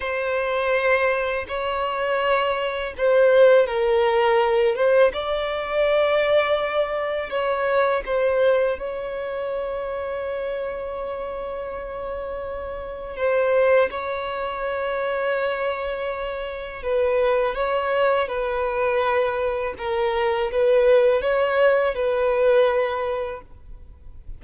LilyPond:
\new Staff \with { instrumentName = "violin" } { \time 4/4 \tempo 4 = 82 c''2 cis''2 | c''4 ais'4. c''8 d''4~ | d''2 cis''4 c''4 | cis''1~ |
cis''2 c''4 cis''4~ | cis''2. b'4 | cis''4 b'2 ais'4 | b'4 cis''4 b'2 | }